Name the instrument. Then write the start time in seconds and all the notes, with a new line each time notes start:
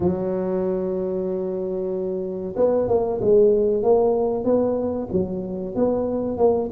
tuba
0.00 F#3
2.56 B3
2.88 A#3
3.21 G#3
3.82 A#3
4.44 B3
5.12 F#3
5.75 B3
6.37 A#3